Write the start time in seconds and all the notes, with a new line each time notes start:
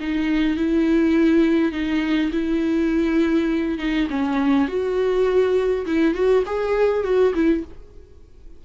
0.00 D#4
0.57 E4
1.72 D#4
2.32 E4
3.78 D#4
4.10 C#4
4.68 F#4
5.86 E4
6.14 F#4
6.46 G#4
7.04 F#4
7.34 E4